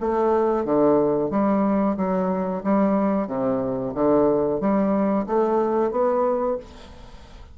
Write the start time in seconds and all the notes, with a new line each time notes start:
0.00 A3
0.64 D3
1.30 G3
1.96 F#3
2.63 G3
3.27 C3
3.94 D3
4.60 G3
5.26 A3
5.91 B3